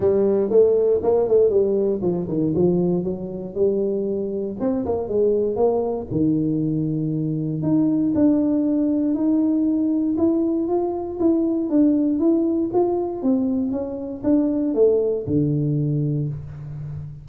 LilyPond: \new Staff \with { instrumentName = "tuba" } { \time 4/4 \tempo 4 = 118 g4 a4 ais8 a8 g4 | f8 dis8 f4 fis4 g4~ | g4 c'8 ais8 gis4 ais4 | dis2. dis'4 |
d'2 dis'2 | e'4 f'4 e'4 d'4 | e'4 f'4 c'4 cis'4 | d'4 a4 d2 | }